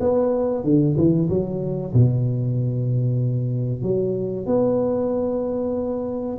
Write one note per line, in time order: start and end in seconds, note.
0.00 0.64 B3
0.64 0.96 D3
0.97 1.29 E3
1.29 1.93 F#3
1.93 3.82 B2
3.82 4.46 F#3
4.46 6.38 B3